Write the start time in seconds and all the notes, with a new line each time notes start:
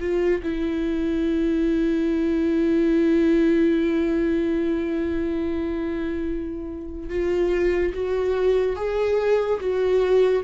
0.00 F4
0.44 E4
7.10 F4
7.94 F#4
8.77 G#4
9.60 F#4